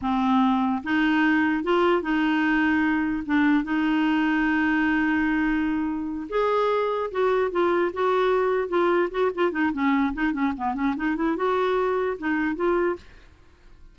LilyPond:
\new Staff \with { instrumentName = "clarinet" } { \time 4/4 \tempo 4 = 148 c'2 dis'2 | f'4 dis'2. | d'4 dis'2.~ | dis'2.~ dis'8 gis'8~ |
gis'4. fis'4 f'4 fis'8~ | fis'4. f'4 fis'8 f'8 dis'8 | cis'4 dis'8 cis'8 b8 cis'8 dis'8 e'8 | fis'2 dis'4 f'4 | }